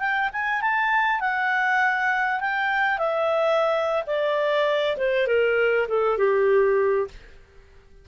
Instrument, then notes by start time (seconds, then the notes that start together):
clarinet
0.00 G5
0.33 G#5
0.62 A5
1.21 F#5
2.41 G5
2.99 E5
4.07 D5
4.97 C5
5.27 A#4
5.89 A4
6.18 G4